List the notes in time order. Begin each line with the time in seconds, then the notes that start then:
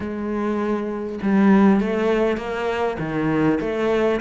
0.00 G#3
1.22 G3
1.80 A3
2.37 A#3
2.99 D#3
3.60 A3